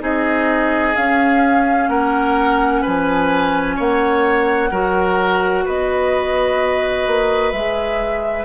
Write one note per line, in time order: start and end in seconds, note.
0.00 0.95 C4
0.00 0.94 D#4
0.00 1.90 G#4
0.00 0.96 D#5
0.96 4.71 C#4
0.96 1.89 C#4
0.96 1.89 F5
1.89 2.83 A#3
1.89 2.82 A#4
1.89 2.83 F#5
2.82 3.79 F3
2.82 3.76 B4
2.82 3.79 G#5
3.76 4.71 A#3
3.76 4.70 C#5
3.76 5.68 F#5
4.71 5.65 F#3
4.71 7.53 F#4
4.71 5.65 A#4
5.65 7.07 B3
5.65 8.45 B4
5.65 7.52 D#5
7.07 7.53 A#3
7.52 8.45 G#3
7.52 8.45 G#4
7.52 8.45 E5